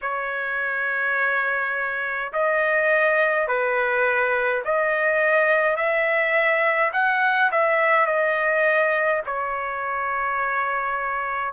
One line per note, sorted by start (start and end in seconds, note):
0.01 2.32 C#5
2.32 3.47 D#5
3.47 4.63 B4
4.65 5.76 D#5
5.76 6.91 E5
6.92 7.50 F#5
7.51 8.06 E5
8.06 9.22 D#5
9.26 11.53 C#5